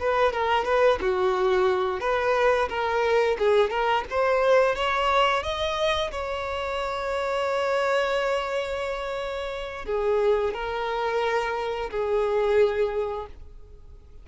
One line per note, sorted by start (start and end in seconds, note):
0.00 0.33 B4
0.33 0.65 A#4
0.65 0.99 B4
1.01 2.01 F#4
2.01 2.69 B4
2.69 3.37 A#4
3.39 3.70 G#4
3.70 4.04 A#4
4.10 4.75 C5
4.75 5.43 C#5
5.43 6.11 D#5
6.11 9.86 C#5
9.86 10.54 G#4
10.54 11.90 A#4
11.91 13.27 G#4